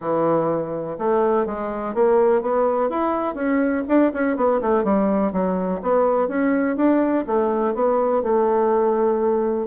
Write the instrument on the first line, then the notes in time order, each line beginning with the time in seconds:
bassoon
0.00 E3
0.98 A3
1.45 G#3
1.94 A#3
2.41 B3
2.89 E4
3.34 C#4
3.88 D4
4.13 C#4
4.36 B3
4.61 A3
4.84 G3
5.32 F#3
5.82 B3
6.28 C#4
6.76 D4
7.26 A3
7.74 B3
8.23 A3